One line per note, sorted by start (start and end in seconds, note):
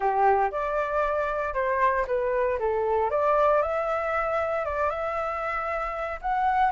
0.00 0.50 G4
0.51 1.54 D5
1.54 2.05 C5
2.07 2.58 B4
2.59 3.10 A4
3.10 3.61 D5
3.61 4.65 E5
4.65 4.89 D5
4.89 6.19 E5
6.21 6.71 F#5